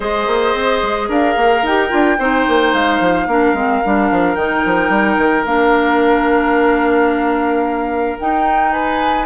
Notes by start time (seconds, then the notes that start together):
0.00 G#3 G#4 C5 D#5
0.27 A#3
0.53 C4
0.82 G#3
1.08 D4 A#4 F5
1.36 A#3
1.62 D#4 G4 G5
1.89 D4 F4
2.18 C4 D#4 C5
2.48 A#3
2.73 G#3 F5
2.99 F3
3.27 A#3 D4 A#4
3.53 G#3 C4
3.84 G3 D4
4.11 F3
4.35 D#3 D#4 G5
4.65 F3
4.89 G3
5.17 D#3
5.45 A#3 D4 F5
8.19 D#4 G5
8.71 B4 G#5